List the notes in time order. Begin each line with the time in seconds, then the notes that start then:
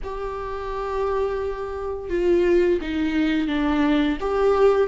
0.03 G4
2.09 F4
2.81 D#4
3.47 D4
4.20 G4